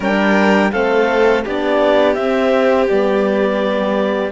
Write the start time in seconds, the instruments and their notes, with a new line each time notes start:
0.00 cello G3, horn D4, violin A#4, clarinet G5
0.71 cello A3, horn C4, violin A4, clarinet F5
1.44 cello B3, horn D4, violin G4, clarinet D5
2.14 cello C4, horn C4, clarinet E5
2.88 cello G3, horn B3, clarinet D5